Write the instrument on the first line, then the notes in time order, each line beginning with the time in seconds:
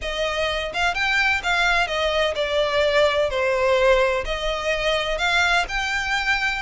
violin
0.01 D#5
0.73 F5
0.94 G5
1.43 F5
1.87 D#5
2.35 D5
3.29 C5
4.25 D#5
5.18 F5
5.68 G5